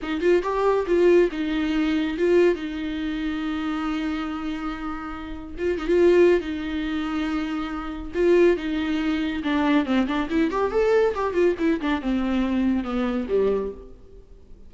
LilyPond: \new Staff \with { instrumentName = "viola" } { \time 4/4 \tempo 4 = 140 dis'8 f'8 g'4 f'4 dis'4~ | dis'4 f'4 dis'2~ | dis'1~ | dis'4 f'8 dis'16 f'4~ f'16 dis'4~ |
dis'2. f'4 | dis'2 d'4 c'8 d'8 | e'8 g'8 a'4 g'8 f'8 e'8 d'8 | c'2 b4 g4 | }